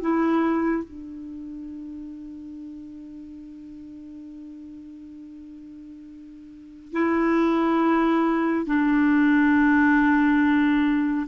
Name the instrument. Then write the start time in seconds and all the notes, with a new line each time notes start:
clarinet
0.00 E4
0.84 D4
6.92 E4
8.66 D4